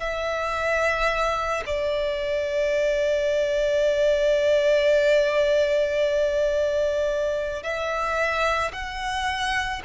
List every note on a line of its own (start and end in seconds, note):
0.00 1.64 E5
1.67 7.63 D5
7.63 8.72 E5
8.73 9.82 F#5